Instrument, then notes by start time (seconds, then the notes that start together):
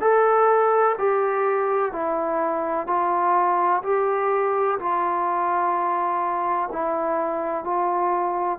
trombone
0.00 A4
0.98 G4
1.92 E4
2.87 F4
3.83 G4
4.79 F4
6.72 E4
7.64 F4